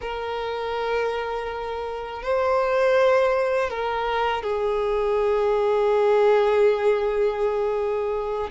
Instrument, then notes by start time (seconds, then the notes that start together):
violin
0.01 A#4
2.22 C5
3.70 A#4
4.42 G#4